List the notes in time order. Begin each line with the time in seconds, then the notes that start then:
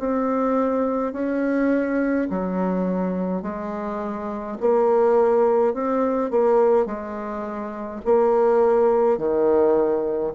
0.00 C4
1.13 C#4
2.30 F#3
3.43 G#3
4.61 A#3
5.74 C4
6.31 A#3
6.86 G#3
8.06 A#3
9.18 D#3